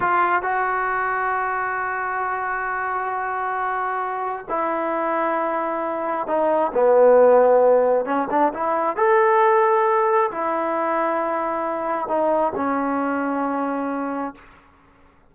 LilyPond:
\new Staff \with { instrumentName = "trombone" } { \time 4/4 \tempo 4 = 134 f'4 fis'2.~ | fis'1~ | fis'2 e'2~ | e'2 dis'4 b4~ |
b2 cis'8 d'8 e'4 | a'2. e'4~ | e'2. dis'4 | cis'1 | }